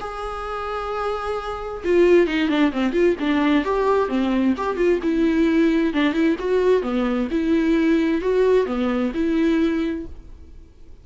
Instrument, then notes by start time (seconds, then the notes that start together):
viola
0.00 G#4
1.84 F4
2.27 D#4
2.49 D4
2.72 C4
2.93 F4
3.19 D4
3.64 G4
4.08 C4
4.57 G4
4.76 F4
5.02 E4
5.93 D4
6.13 E4
6.39 F#4
6.82 B3
7.31 E4
8.21 F#4
8.66 B3
9.14 E4